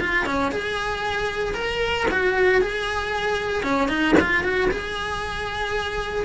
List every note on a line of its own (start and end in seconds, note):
0.00 0.26 F4
0.26 0.52 C#4
0.52 1.54 G#4
1.54 2.07 A#4
2.11 2.61 F#4
2.61 3.63 G#4
3.63 3.88 C#4
3.88 4.15 D#4
4.20 4.43 F4
4.43 4.70 F#4
4.71 6.25 G#4